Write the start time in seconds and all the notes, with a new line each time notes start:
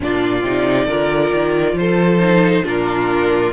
0.00 A#2 D4 F4 D5
0.42 C3 D#4
0.85 D3 F4 A#4
1.32 D#3
1.73 F3 C5
1.80 A4
2.20 D#4
2.64 A#2 D4 F4 A#4